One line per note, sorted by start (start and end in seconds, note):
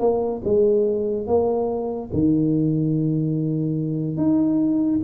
0.00 0.42 A#3
0.45 1.27 G#3
1.27 2.11 A#3
2.13 4.17 D#3
4.17 5.00 D#4